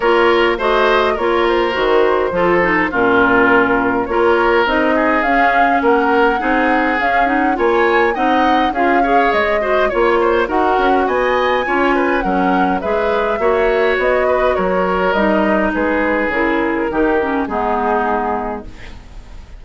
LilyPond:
<<
  \new Staff \with { instrumentName = "flute" } { \time 4/4 \tempo 4 = 103 cis''4 dis''4 cis''8 c''4.~ | c''4 ais'2 cis''4 | dis''4 f''4 fis''2 | f''8 fis''8 gis''4 fis''4 f''4 |
dis''4 cis''4 fis''4 gis''4~ | gis''4 fis''4 e''2 | dis''4 cis''4 dis''4 b'4 | ais'2 gis'2 | }
  \new Staff \with { instrumentName = "oboe" } { \time 4/4 ais'4 c''4 ais'2 | a'4 f'2 ais'4~ | ais'8 gis'4. ais'4 gis'4~ | gis'4 cis''4 dis''4 gis'8 cis''8~ |
cis''8 c''8 cis''8 c''8 ais'4 dis''4 | cis''8 b'8 ais'4 b'4 cis''4~ | cis''8 b'8 ais'2 gis'4~ | gis'4 g'4 dis'2 | }
  \new Staff \with { instrumentName = "clarinet" } { \time 4/4 f'4 fis'4 f'4 fis'4 | f'8 dis'8 cis'2 f'4 | dis'4 cis'2 dis'4 | cis'8 dis'8 f'4 dis'4 f'8 gis'8~ |
gis'8 fis'8 f'4 fis'2 | f'4 cis'4 gis'4 fis'4~ | fis'2 dis'2 | e'4 dis'8 cis'8 b2 | }
  \new Staff \with { instrumentName = "bassoon" } { \time 4/4 ais4 a4 ais4 dis4 | f4 ais,2 ais4 | c'4 cis'4 ais4 c'4 | cis'4 ais4 c'4 cis'4 |
gis4 ais4 dis'8 cis'8 b4 | cis'4 fis4 gis4 ais4 | b4 fis4 g4 gis4 | cis4 dis4 gis2 | }
>>